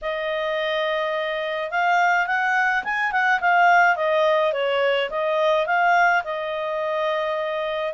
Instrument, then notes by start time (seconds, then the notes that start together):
clarinet
0.01 D#5
1.70 F5
2.26 F#5
2.84 G#5
3.11 F#5
3.40 F5
3.96 D#5
4.53 C#5
5.09 D#5
5.66 F5
6.24 D#5